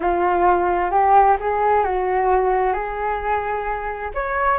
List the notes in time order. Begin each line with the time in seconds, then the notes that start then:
0.00 F4
0.91 G4
1.40 G#4
1.84 F#4
2.73 G#4
4.14 C#5